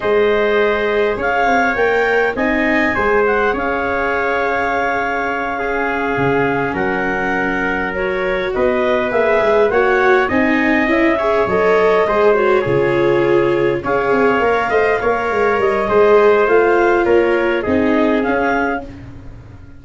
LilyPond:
<<
  \new Staff \with { instrumentName = "clarinet" } { \time 4/4 \tempo 4 = 102 dis''2 f''4 g''4 | gis''4. fis''8 f''2~ | f''2.~ f''8 fis''8~ | fis''4. cis''4 dis''4 e''8~ |
e''8 fis''4 gis''4 e''4 dis''8~ | dis''4 cis''2~ cis''8 f''8~ | f''2~ f''8 dis''4. | f''4 cis''4 dis''4 f''4 | }
  \new Staff \with { instrumentName = "trumpet" } { \time 4/4 c''2 cis''2 | dis''4 c''4 cis''2~ | cis''4. gis'2 ais'8~ | ais'2~ ais'8 b'4.~ |
b'8 cis''4 dis''4. cis''4~ | cis''8 c''4 gis'2 cis''8~ | cis''4 dis''8 cis''4. c''4~ | c''4 ais'4 gis'2 | }
  \new Staff \with { instrumentName = "viola" } { \time 4/4 gis'2. ais'4 | dis'4 gis'2.~ | gis'4. cis'2~ cis'8~ | cis'4. fis'2 gis'8~ |
gis'8 fis'4 dis'4 e'8 gis'8 a'8~ | a'8 gis'8 fis'8 f'2 gis'8~ | gis'8 ais'8 c''8 ais'4. gis'4 | f'2 dis'4 cis'4 | }
  \new Staff \with { instrumentName = "tuba" } { \time 4/4 gis2 cis'8 c'8 ais4 | c'4 gis4 cis'2~ | cis'2~ cis'8 cis4 fis8~ | fis2~ fis8 b4 ais8 |
gis8 ais4 c'4 cis'4 fis8~ | fis8 gis4 cis2 cis'8 | c'8 ais8 a8 ais8 gis8 g8 gis4 | a4 ais4 c'4 cis'4 | }
>>